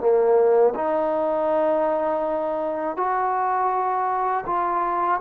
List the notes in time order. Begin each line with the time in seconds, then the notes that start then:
0.00 A#3
0.75 D#4
2.97 F#4
4.46 F4